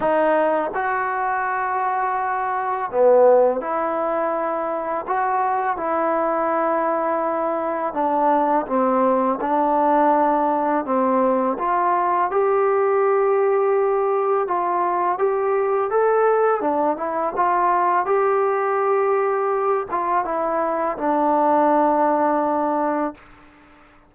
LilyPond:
\new Staff \with { instrumentName = "trombone" } { \time 4/4 \tempo 4 = 83 dis'4 fis'2. | b4 e'2 fis'4 | e'2. d'4 | c'4 d'2 c'4 |
f'4 g'2. | f'4 g'4 a'4 d'8 e'8 | f'4 g'2~ g'8 f'8 | e'4 d'2. | }